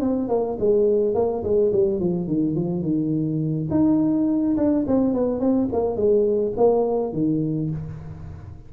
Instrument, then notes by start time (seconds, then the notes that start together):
tuba
0.00 C4
0.28 A#3
0.59 G#3
1.14 A#3
1.43 G#3
1.72 G3
1.99 F3
2.27 D#3
2.55 F3
2.82 D#3
3.70 D#4
4.56 D4
4.87 C4
5.13 B3
5.40 C4
5.72 A#3
5.96 G#3
6.57 A#3
7.12 D#3